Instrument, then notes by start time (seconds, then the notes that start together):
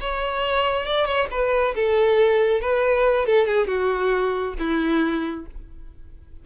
violin
0.00 C#5
0.86 D5
1.05 C#5
1.31 B4
1.75 A4
2.61 B4
3.26 A4
3.46 G#4
3.67 F#4
4.59 E4